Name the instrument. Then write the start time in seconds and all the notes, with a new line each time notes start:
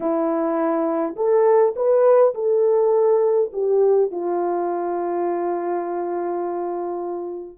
horn
0.00 E4
1.16 A4
1.76 B4
2.34 A4
3.52 G4
4.11 F4